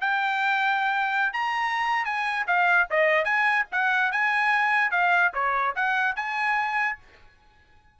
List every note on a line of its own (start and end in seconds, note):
0.00 1.33 G5
1.33 2.05 A#5
2.05 2.46 G#5
2.46 2.87 F5
2.90 3.24 D#5
3.24 3.65 G#5
3.71 4.12 F#5
4.12 4.91 G#5
4.91 5.32 F5
5.33 5.75 C#5
5.75 6.16 F#5
6.16 6.98 G#5